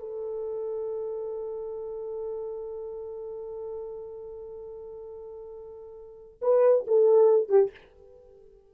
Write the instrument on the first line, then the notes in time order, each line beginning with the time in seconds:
horn
0.00 A4
6.42 B4
6.88 A4
7.49 G4